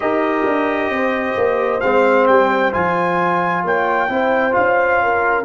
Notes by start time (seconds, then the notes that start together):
0.00 D#4 G4 A#4 D#5
0.44 D4
0.89 C4 C5
1.36 A#3
1.80 G#3 C4 F5
2.27 G3 G5
2.72 F3 F4 G#5
3.63 A#3 C#5 G5
4.09 C4 E4 C5
4.52 C#4 F4 F5
5.03 A#4